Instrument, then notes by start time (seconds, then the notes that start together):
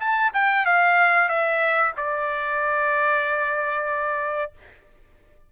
trumpet
0.00 A5
0.34 G5
0.66 F5
1.29 E5
1.97 D5